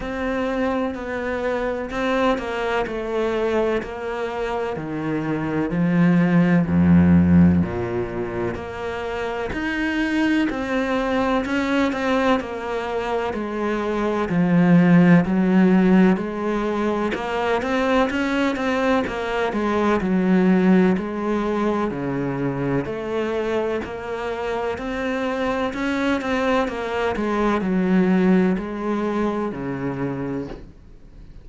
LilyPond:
\new Staff \with { instrumentName = "cello" } { \time 4/4 \tempo 4 = 63 c'4 b4 c'8 ais8 a4 | ais4 dis4 f4 f,4 | ais,4 ais4 dis'4 c'4 | cis'8 c'8 ais4 gis4 f4 |
fis4 gis4 ais8 c'8 cis'8 c'8 | ais8 gis8 fis4 gis4 cis4 | a4 ais4 c'4 cis'8 c'8 | ais8 gis8 fis4 gis4 cis4 | }